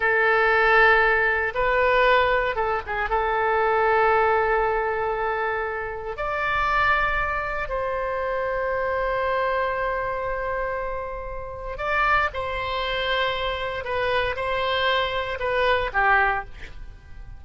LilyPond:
\new Staff \with { instrumentName = "oboe" } { \time 4/4 \tempo 4 = 117 a'2. b'4~ | b'4 a'8 gis'8 a'2~ | a'1 | d''2. c''4~ |
c''1~ | c''2. d''4 | c''2. b'4 | c''2 b'4 g'4 | }